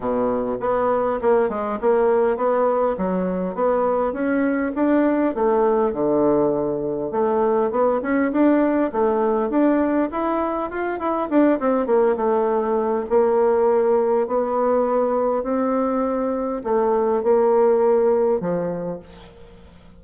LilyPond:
\new Staff \with { instrumentName = "bassoon" } { \time 4/4 \tempo 4 = 101 b,4 b4 ais8 gis8 ais4 | b4 fis4 b4 cis'4 | d'4 a4 d2 | a4 b8 cis'8 d'4 a4 |
d'4 e'4 f'8 e'8 d'8 c'8 | ais8 a4. ais2 | b2 c'2 | a4 ais2 f4 | }